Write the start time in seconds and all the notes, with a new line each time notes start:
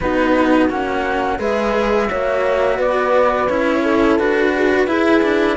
0.00 B3 D#4 F#4 B4
0.69 A#3 C#4 F#5
1.38 G#3 G#4 B4 E5
2.07 A#3 F#4 C#5
2.76 B3 B4 D5
3.48 C#4 E4 C#5
3.82 A4
4.18 D4 F#4 B4
4.55 G#4
4.70 F#4
4.87 E4 G#4
5.22 D4